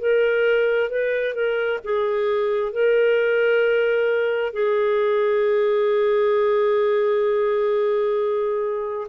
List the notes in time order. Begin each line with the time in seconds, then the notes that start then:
0.00 A#4
0.90 B4
1.35 A#4
1.84 G#4
2.73 A#4
4.54 G#4